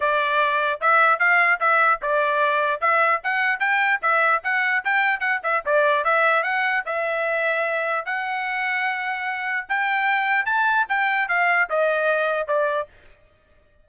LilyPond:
\new Staff \with { instrumentName = "trumpet" } { \time 4/4 \tempo 4 = 149 d''2 e''4 f''4 | e''4 d''2 e''4 | fis''4 g''4 e''4 fis''4 | g''4 fis''8 e''8 d''4 e''4 |
fis''4 e''2. | fis''1 | g''2 a''4 g''4 | f''4 dis''2 d''4 | }